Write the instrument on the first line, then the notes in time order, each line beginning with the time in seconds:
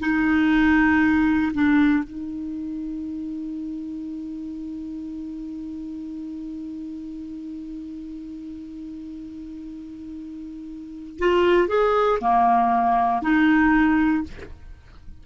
clarinet
0.00 D#4
1.54 D4
2.04 D#4
11.20 F4
11.69 G#4
12.21 A#3
13.22 D#4